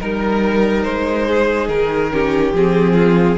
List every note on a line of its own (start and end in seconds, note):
0.00 0.85 G3
0.00 2.11 D#4
0.00 0.83 A#4
0.00 1.28 A#4
0.83 1.68 G#3
0.83 1.68 C5
1.28 2.13 G#4
1.68 2.53 D#3
1.68 2.53 A#4
2.11 2.53 C#4
2.11 2.94 G4
2.54 3.38 F3
2.54 3.38 C4
2.54 3.38 G#4
2.94 3.36 F4